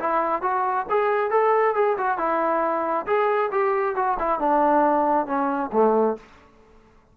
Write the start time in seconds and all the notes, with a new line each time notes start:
0.00 E4
0.42 F#4
0.90 G#4
1.31 A4
1.75 G#4
1.98 F#4
2.18 E4
3.06 G#4
3.52 G4
3.96 F#4
4.19 E4
4.40 D4
5.27 C#4
5.73 A3